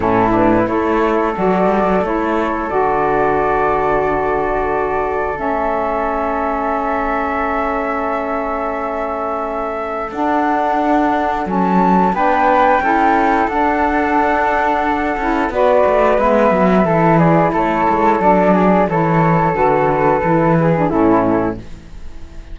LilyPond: <<
  \new Staff \with { instrumentName = "flute" } { \time 4/4 \tempo 4 = 89 a'8 b'8 cis''4 d''4 cis''4 | d''1 | e''1~ | e''2. fis''4~ |
fis''4 a''4 g''2 | fis''2. d''4 | e''4. d''8 cis''4 d''4 | cis''4 b'2 a'4 | }
  \new Staff \with { instrumentName = "flute" } { \time 4/4 e'4 a'2.~ | a'1~ | a'1~ | a'1~ |
a'2 b'4 a'4~ | a'2. b'4~ | b'4 a'8 gis'8 a'4. gis'8 | a'2~ a'8 gis'8 e'4 | }
  \new Staff \with { instrumentName = "saxophone" } { \time 4/4 cis'8 d'8 e'4 fis'4 e'4 | fis'1 | cis'1~ | cis'2. d'4~ |
d'4 cis'4 d'4 e'4 | d'2~ d'8 e'8 fis'4 | b4 e'2 d'4 | e'4 fis'4 e'8. d'16 cis'4 | }
  \new Staff \with { instrumentName = "cello" } { \time 4/4 a,4 a4 fis8 g16 fis16 a4 | d1 | a1~ | a2. d'4~ |
d'4 fis4 b4 cis'4 | d'2~ d'8 cis'8 b8 a8 | gis8 fis8 e4 a8 gis8 fis4 | e4 d4 e4 a,4 | }
>>